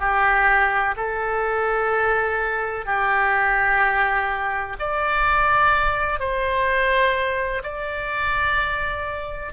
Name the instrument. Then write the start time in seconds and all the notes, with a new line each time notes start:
oboe
0.00 G4
0.97 A4
2.86 G4
4.79 D5
6.19 C5
7.63 D5